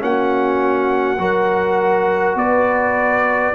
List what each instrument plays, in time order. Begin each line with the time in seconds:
0.00 tuba A#3, trombone C#4, horn F#4, trumpet F#5
1.19 tuba F#3, trombone F#4, horn A#4
2.36 tuba B3, horn B4, trumpet D5